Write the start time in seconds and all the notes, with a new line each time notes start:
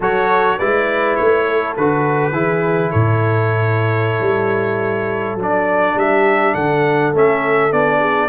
0.00 F#3 F#4 A4 C#5
0.58 G#3 E4 B4 D5
1.15 A3 C#5
1.46 A4
1.76 D3 F#4 B4
2.32 E3 E4 G#4
2.91 A2 A4 C#5
4.20 G3
5.35 F#3 D4
5.42 D5
5.95 G3 G4 E5
6.54 D3 A4 F#5
7.13 A3 C#4 E5
7.71 B3 D4 D5
7.98 G#4